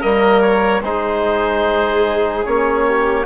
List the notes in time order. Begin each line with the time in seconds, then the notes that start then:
0.00 G3 A#3 A#4 D#5
0.41 C#5
0.82 G#3 D#4 G#4 C5
2.45 A#3 C#4 C#5
2.87 G4